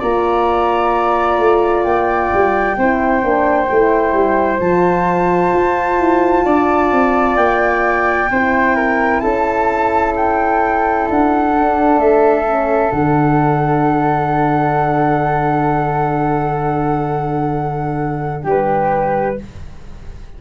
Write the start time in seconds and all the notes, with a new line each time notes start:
0.00 A#3 F4 D5 A#5
1.39 A3
1.83 A#3 G5
2.34 G3
2.78 C4 E4 C5
3.22 A#3 D4
3.70 A3 E4
4.13 G3
4.60 F3 F4 A5
5.53 F4
5.99 E4
6.45 D4 D5
6.92 C4
7.36 A#3 G5
8.31 C4 E4 C5
8.76 A#4
9.20 C#4 A4 A5
10.17 G5
11.09 D4 F#5
11.55 D4
11.98 A3 E5
12.47 C#4
12.92 D3 D4 F#5
18.43 G3 G4 B4